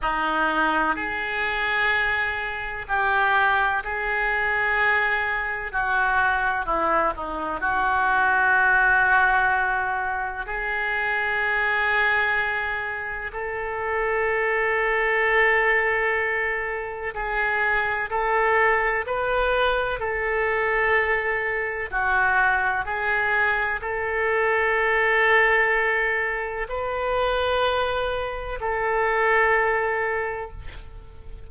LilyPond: \new Staff \with { instrumentName = "oboe" } { \time 4/4 \tempo 4 = 63 dis'4 gis'2 g'4 | gis'2 fis'4 e'8 dis'8 | fis'2. gis'4~ | gis'2 a'2~ |
a'2 gis'4 a'4 | b'4 a'2 fis'4 | gis'4 a'2. | b'2 a'2 | }